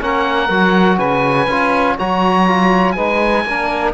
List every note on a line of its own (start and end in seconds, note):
0.00 0.49 A#3
0.00 0.49 C#4
0.00 0.97 A#4
0.00 0.98 F#5
0.49 0.98 F#3
0.49 1.48 F#4
0.97 1.47 C#3
0.97 1.95 B4
0.97 1.97 G#5
1.47 1.96 C#4
1.47 1.98 F4
1.96 2.97 F#3
1.96 2.47 F#4
1.96 2.94 C#5
1.96 2.92 A#5
2.47 2.97 F4
2.92 3.45 G#3
2.92 3.46 D#4
2.92 3.44 B4
2.92 3.90 G#5
3.45 3.94 A#3
3.45 3.94 D4
3.45 3.94 A#4